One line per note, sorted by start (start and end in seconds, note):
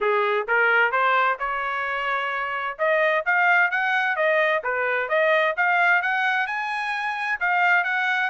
0.00 0.47 G#4
0.47 0.91 A#4
0.91 1.37 C5
1.39 2.77 C#5
2.78 3.24 D#5
3.25 3.70 F5
3.70 4.16 F#5
4.16 4.62 D#5
4.63 5.08 B4
5.08 5.54 D#5
5.56 6.02 F5
6.02 6.46 F#5
6.46 7.39 G#5
7.40 7.83 F5
7.83 8.30 F#5